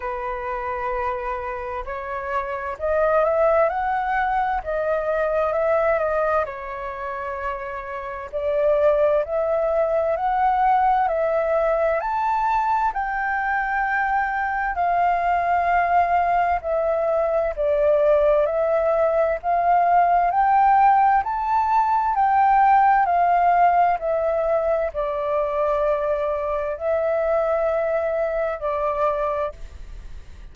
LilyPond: \new Staff \with { instrumentName = "flute" } { \time 4/4 \tempo 4 = 65 b'2 cis''4 dis''8 e''8 | fis''4 dis''4 e''8 dis''8 cis''4~ | cis''4 d''4 e''4 fis''4 | e''4 a''4 g''2 |
f''2 e''4 d''4 | e''4 f''4 g''4 a''4 | g''4 f''4 e''4 d''4~ | d''4 e''2 d''4 | }